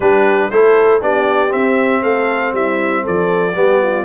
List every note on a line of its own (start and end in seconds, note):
0.00 0.49 G3
0.00 0.51 D4
0.00 0.51 G4
0.00 0.50 B4
0.50 1.01 A3
0.50 1.00 E4
0.50 1.02 A4
0.50 1.01 C5
1.00 1.52 B3
1.00 1.48 D4
1.00 2.02 G4
1.00 1.52 D5
1.48 3.51 C4
1.48 2.03 C4
1.48 2.03 E5
2.02 2.52 A3
2.02 2.53 A4
2.02 2.54 F5
2.52 3.03 G3
2.52 3.03 E4
2.52 3.06 E5
3.03 3.55 F3
3.03 3.54 A4
3.03 4.04 D5
3.55 4.04 G3
3.55 4.04 B3
3.55 3.82 G4
3.82 4.04 F4